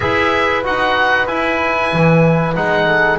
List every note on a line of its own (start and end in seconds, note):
0.00 0.65 E4
0.00 0.63 G#4
0.00 2.86 B4
0.00 0.62 E5
0.63 1.28 D#4
0.63 1.27 F#4
0.63 1.27 F#5
1.27 2.54 E4
1.27 1.92 E4
1.27 2.55 G#5
1.93 2.56 E3
2.55 3.18 G#3
2.55 3.18 D#4
2.55 3.18 F#5
2.86 3.18 A4